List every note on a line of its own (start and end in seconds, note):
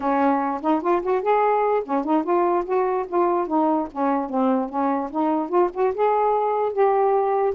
0.00 0.60 C#4
0.61 0.81 D#4
0.81 1.02 F4
1.02 1.22 F#4
1.22 1.83 G#4
1.84 2.04 C#4
2.04 2.23 D#4
2.23 2.64 F4
2.65 3.06 F#4
3.08 3.47 F4
3.47 3.88 D#4
3.92 4.29 C#4
4.29 4.69 C4
4.69 5.10 C#4
5.10 5.49 D#4
5.49 5.69 F4
5.73 5.94 F#4
5.94 6.73 G#4
6.73 7.54 G4